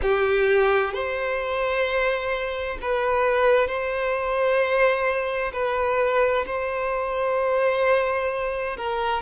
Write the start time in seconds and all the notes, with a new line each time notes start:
0.02 G4
0.93 C5
2.82 B4
3.67 C5
5.53 B4
6.46 C5
8.77 A#4